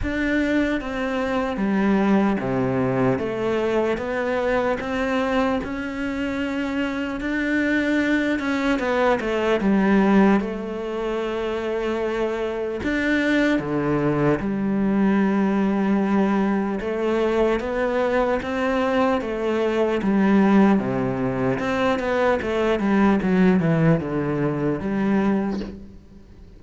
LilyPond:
\new Staff \with { instrumentName = "cello" } { \time 4/4 \tempo 4 = 75 d'4 c'4 g4 c4 | a4 b4 c'4 cis'4~ | cis'4 d'4. cis'8 b8 a8 | g4 a2. |
d'4 d4 g2~ | g4 a4 b4 c'4 | a4 g4 c4 c'8 b8 | a8 g8 fis8 e8 d4 g4 | }